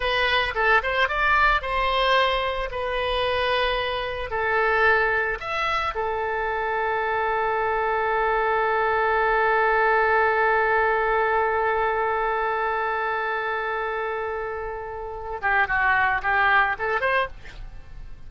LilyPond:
\new Staff \with { instrumentName = "oboe" } { \time 4/4 \tempo 4 = 111 b'4 a'8 c''8 d''4 c''4~ | c''4 b'2. | a'2 e''4 a'4~ | a'1~ |
a'1~ | a'1~ | a'1~ | a'8 g'8 fis'4 g'4 a'8 c''8 | }